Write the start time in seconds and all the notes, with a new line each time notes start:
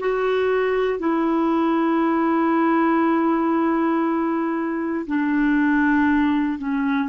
0.00 F#4
1.00 E4
5.08 D4
6.59 C#4